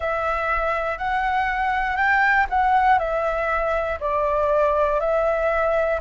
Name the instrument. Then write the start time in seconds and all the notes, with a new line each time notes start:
flute
0.00 E5
0.98 F#5
1.96 G5
2.50 F#5
2.98 E5
4.00 D5
5.00 E5